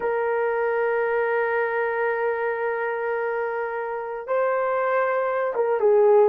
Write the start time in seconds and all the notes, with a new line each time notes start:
0.00 A#4
4.27 C5
5.55 A#4
5.80 G#4